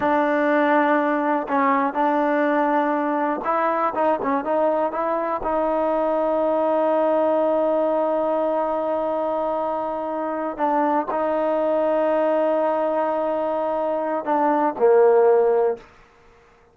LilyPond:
\new Staff \with { instrumentName = "trombone" } { \time 4/4 \tempo 4 = 122 d'2. cis'4 | d'2. e'4 | dis'8 cis'8 dis'4 e'4 dis'4~ | dis'1~ |
dis'1~ | dis'4. d'4 dis'4.~ | dis'1~ | dis'4 d'4 ais2 | }